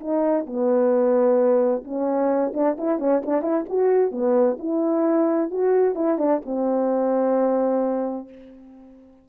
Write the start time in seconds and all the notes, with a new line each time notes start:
0.00 D#4
0.46 B3
1.84 C#4
2.54 D4
2.78 E4
2.99 C#4
3.26 D4
3.42 E4
3.69 F#4
4.12 B3
4.59 E4
5.50 F#4
5.95 E4
6.18 D4
6.45 C4